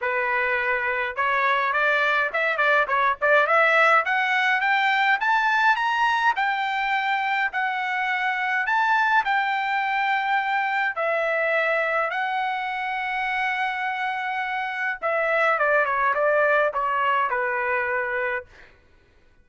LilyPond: \new Staff \with { instrumentName = "trumpet" } { \time 4/4 \tempo 4 = 104 b'2 cis''4 d''4 | e''8 d''8 cis''8 d''8 e''4 fis''4 | g''4 a''4 ais''4 g''4~ | g''4 fis''2 a''4 |
g''2. e''4~ | e''4 fis''2.~ | fis''2 e''4 d''8 cis''8 | d''4 cis''4 b'2 | }